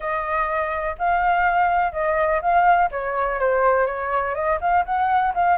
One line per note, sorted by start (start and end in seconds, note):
0.00 0.96 D#5
0.98 1.92 F5
1.92 2.40 D#5
2.41 2.89 F5
2.91 3.39 C#5
3.39 3.86 C5
3.86 4.34 C#5
4.35 4.59 D#5
4.60 4.85 F5
4.85 5.33 F#5
5.34 5.57 F5